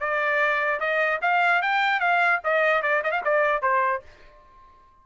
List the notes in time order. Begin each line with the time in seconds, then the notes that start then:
0.00 D5
0.80 D#5
1.22 F5
1.62 G5
2.00 F5
2.44 D#5
2.82 D5
3.04 D#5
3.12 F5
3.24 D5
3.62 C5